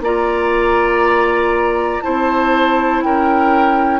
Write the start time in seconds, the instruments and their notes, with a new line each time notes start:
0.00 bassoon A#3, clarinet F4, oboe D5, flute A#5
2.01 bassoon C4, clarinet E4, oboe C5, flute A5
3.03 bassoon C#4, oboe A#4, flute G5